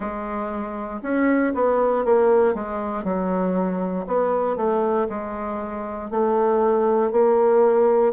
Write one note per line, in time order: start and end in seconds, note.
0.00 1.00 G#3
1.02 1.53 C#4
1.54 2.04 B3
2.04 2.54 A#3
2.54 3.04 G#3
3.04 4.05 F#3
4.06 4.56 B3
4.56 5.07 A3
5.09 6.10 G#3
6.10 7.11 A3
7.11 8.13 A#3